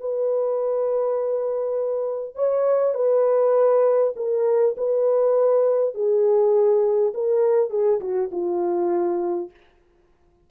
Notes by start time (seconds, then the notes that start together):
0.00 B4
2.35 C#5
2.94 B4
4.16 A#4
4.77 B4
5.95 G#4
7.14 A#4
7.70 G#4
8.00 F#4
8.32 F4